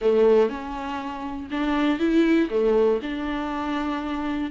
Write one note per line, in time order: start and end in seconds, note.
0.01 0.49 A3
0.49 1.49 C#4
1.50 1.99 D4
1.99 2.49 E4
2.50 3.00 A3
3.02 4.50 D4